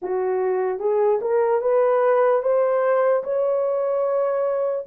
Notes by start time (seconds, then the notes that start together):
0.01 F#4
0.79 G#4
1.21 A#4
1.61 B4
2.42 C5
3.23 C#5